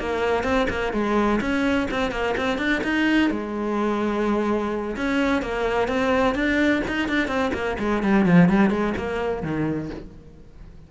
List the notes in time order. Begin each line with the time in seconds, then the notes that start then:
0.00 A#3
0.44 C4
0.70 A#3
0.93 G#3
1.41 C#4
1.91 C4
2.12 A#3
2.38 C4
2.59 D4
2.84 D#4
3.31 G#3
4.97 C#4
5.42 A#3
5.89 C4
6.35 D4
6.88 D#4
7.09 D4
7.28 C4
7.54 A#3
7.79 G#3
8.03 G3
8.26 F3
8.49 G3
8.71 G#3
8.98 A#3
9.43 D#3